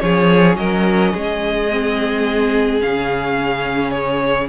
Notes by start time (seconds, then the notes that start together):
0.00 F3 C#4 G#4 C#5
0.57 F#3 A#4 D#5
1.13 G#3 G#4
1.71 C4
2.81 C#3 C#4 F5
3.91 C#5